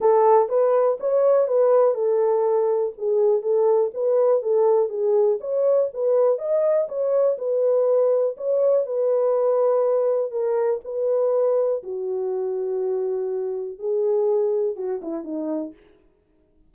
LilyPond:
\new Staff \with { instrumentName = "horn" } { \time 4/4 \tempo 4 = 122 a'4 b'4 cis''4 b'4 | a'2 gis'4 a'4 | b'4 a'4 gis'4 cis''4 | b'4 dis''4 cis''4 b'4~ |
b'4 cis''4 b'2~ | b'4 ais'4 b'2 | fis'1 | gis'2 fis'8 e'8 dis'4 | }